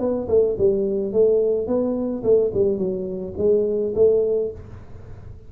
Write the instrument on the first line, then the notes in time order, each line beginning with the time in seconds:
tuba
0.00 B3
0.29 A3
0.59 G3
1.13 A3
1.67 B3
2.24 A3
2.54 G3
2.78 F#3
3.38 G#3
3.95 A3